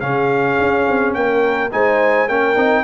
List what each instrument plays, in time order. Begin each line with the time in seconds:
0.00 tuba C#3, trombone C#4, horn G#4, trumpet F5
0.59 tuba C#4
0.88 tuba C4
1.14 tuba A#3, horn A#4, trumpet G5
1.71 tuba G#3, trombone D#4, horn C5, trumpet G#5
2.28 tuba A#3, trombone C#4, horn A#4, trumpet G5
2.56 tuba C4, trombone D#4